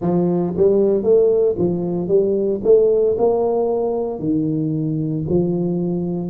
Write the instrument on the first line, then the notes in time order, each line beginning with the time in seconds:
tuba
0.01 F3
0.56 G3
1.02 A3
1.58 F3
2.08 G3
2.63 A3
3.18 A#3
4.19 D#3
5.28 F3